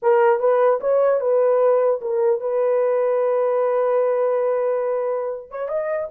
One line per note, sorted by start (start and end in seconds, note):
0.02 0.39 A#4
0.39 0.79 B4
0.80 1.20 C#5
1.20 2.00 B4
2.01 2.40 A#4
2.40 5.50 B4
5.50 5.68 C#5
5.68 6.08 D#5